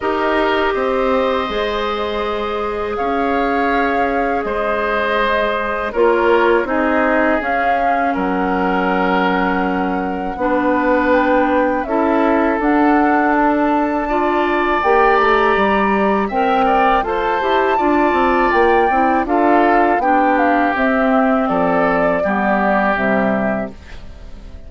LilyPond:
<<
  \new Staff \with { instrumentName = "flute" } { \time 4/4 \tempo 4 = 81 dis''1 | f''2 dis''2 | cis''4 dis''4 f''4 fis''4~ | fis''2. g''4 |
e''4 fis''4 a''2 | g''8 ais''4. g''4 a''4~ | a''4 g''4 f''4 g''8 f''8 | e''4 d''2 e''4 | }
  \new Staff \with { instrumentName = "oboe" } { \time 4/4 ais'4 c''2. | cis''2 c''2 | ais'4 gis'2 ais'4~ | ais'2 b'2 |
a'2. d''4~ | d''2 e''8 d''8 c''4 | d''2 a'4 g'4~ | g'4 a'4 g'2 | }
  \new Staff \with { instrumentName = "clarinet" } { \time 4/4 g'2 gis'2~ | gis'1 | f'4 dis'4 cis'2~ | cis'2 d'2 |
e'4 d'2 f'4 | g'2 ais'4 a'8 g'8 | f'4. e'8 f'4 d'4 | c'2 b4 g4 | }
  \new Staff \with { instrumentName = "bassoon" } { \time 4/4 dis'4 c'4 gis2 | cis'2 gis2 | ais4 c'4 cis'4 fis4~ | fis2 b2 |
cis'4 d'2. | ais8 a8 g4 c'4 f'8 e'8 | d'8 c'8 ais8 c'8 d'4 b4 | c'4 f4 g4 c4 | }
>>